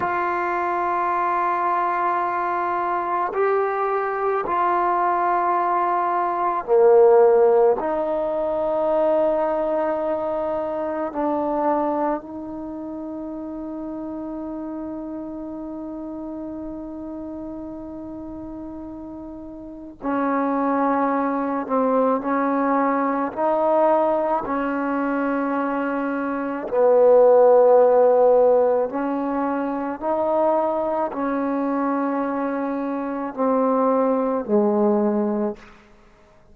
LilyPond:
\new Staff \with { instrumentName = "trombone" } { \time 4/4 \tempo 4 = 54 f'2. g'4 | f'2 ais4 dis'4~ | dis'2 d'4 dis'4~ | dis'1~ |
dis'2 cis'4. c'8 | cis'4 dis'4 cis'2 | b2 cis'4 dis'4 | cis'2 c'4 gis4 | }